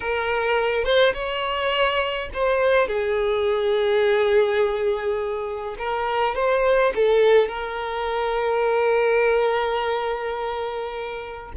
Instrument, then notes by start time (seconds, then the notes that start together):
violin
0.00 A#4
0.84 C5
1.13 C#5
2.33 C5
2.87 G#4
5.78 A#4
6.35 C5
6.95 A4
7.48 A#4